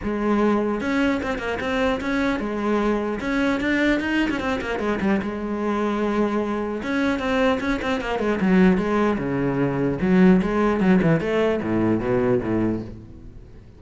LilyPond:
\new Staff \with { instrumentName = "cello" } { \time 4/4 \tempo 4 = 150 gis2 cis'4 c'8 ais8 | c'4 cis'4 gis2 | cis'4 d'4 dis'8. cis'16 c'8 ais8 | gis8 g8 gis2.~ |
gis4 cis'4 c'4 cis'8 c'8 | ais8 gis8 fis4 gis4 cis4~ | cis4 fis4 gis4 fis8 e8 | a4 a,4 b,4 a,4 | }